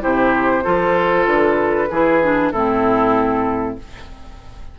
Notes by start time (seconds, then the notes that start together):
0.00 C3 E4 G4 C5
0.63 F3 F4 A4
1.26 D3 B4
1.90 E3 E4 G#4
2.22 D4
2.51 A2 C4 E4 A4